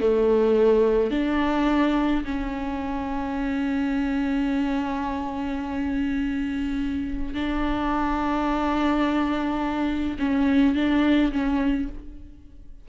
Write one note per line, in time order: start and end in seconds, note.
0.00 1.11 A3
1.11 2.24 D4
2.25 7.34 C#4
7.34 10.17 D4
10.19 10.75 C#4
10.75 11.32 D4
11.32 11.89 C#4